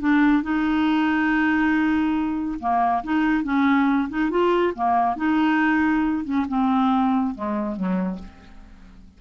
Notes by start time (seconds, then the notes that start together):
0.00 D4
0.43 D#4
2.60 A#3
3.04 D#4
3.44 C#4
4.09 D#4
4.30 F4
4.75 A#3
5.17 D#4
6.25 C#4
6.48 C4
7.35 G#3
7.76 F#3